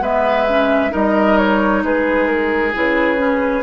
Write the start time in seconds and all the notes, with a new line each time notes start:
0.00 G#3 B3 B4 E5
0.48 C#4
0.89 G3 D#4 A#4 D#5
1.37 C#5
1.83 G#3 G#4 B4
2.27 A#4
2.73 C#3 E4 B4
3.17 C#4